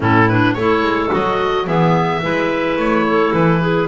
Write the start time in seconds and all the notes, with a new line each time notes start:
0.00 A2 C#4 E4 A4
0.28 D4 B4
0.53 A3 E4 A4 C#5
0.81 G#3
1.10 F#3 F#4 D#5
1.65 E3 B3 G#4 E5
2.21 G#3 E4 B4
2.77 A3 C#5
3.08 A4
3.33 E3 B4
3.61 G#4